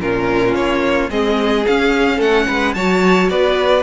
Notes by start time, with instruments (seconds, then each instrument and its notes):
0.00 cello A#2, viola C#4, violin F4 A#4
0.54 cello A#3, violin C#5
1.09 cello G#3, viola C4, violin G#4 D#5
1.66 viola C#4, cello C#4, violin F5
2.16 cello A3, violin A4 F#5
2.47 cello G#3, violin B4
2.73 cello F#3, viola F#4, violin C#5 A5
3.29 cello B3, violin B4 D5